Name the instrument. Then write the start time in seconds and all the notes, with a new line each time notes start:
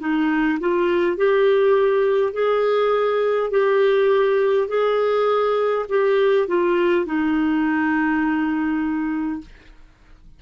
clarinet
0.00 D#4
0.60 F4
1.17 G4
2.34 G#4
3.51 G4
4.69 G#4
5.89 G4
6.48 F4
7.06 D#4